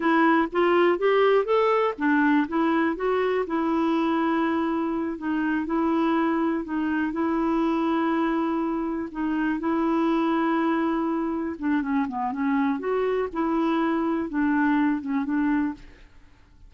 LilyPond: \new Staff \with { instrumentName = "clarinet" } { \time 4/4 \tempo 4 = 122 e'4 f'4 g'4 a'4 | d'4 e'4 fis'4 e'4~ | e'2~ e'8 dis'4 e'8~ | e'4. dis'4 e'4.~ |
e'2~ e'8 dis'4 e'8~ | e'2.~ e'8 d'8 | cis'8 b8 cis'4 fis'4 e'4~ | e'4 d'4. cis'8 d'4 | }